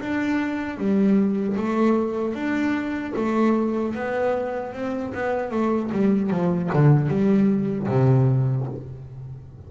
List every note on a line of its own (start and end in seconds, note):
0.00 0.77 D4
0.77 1.56 G3
1.56 2.34 A3
2.34 3.13 D4
3.16 3.94 A3
3.94 4.73 B3
4.73 5.13 C4
5.14 5.50 B3
5.50 5.90 A3
5.91 6.30 G3
6.30 6.69 F3
6.73 7.08 D3
7.08 7.87 G3
7.87 8.66 C3